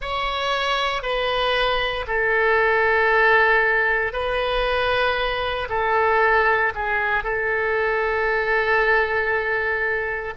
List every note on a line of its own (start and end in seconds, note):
0.00 1.02 C#5
1.02 2.05 B4
2.07 4.12 A4
4.12 5.68 B4
5.69 6.72 A4
6.75 7.23 G#4
7.23 10.34 A4